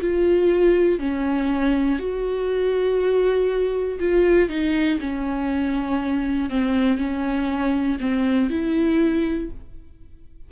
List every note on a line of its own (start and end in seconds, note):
0.00 0.99 F4
0.99 1.99 C#4
1.99 3.99 F#4
3.99 4.49 F4
4.49 4.99 D#4
5.00 6.49 C#4
6.49 6.97 C4
6.97 7.97 C#4
8.00 8.50 C4
8.50 9.50 E4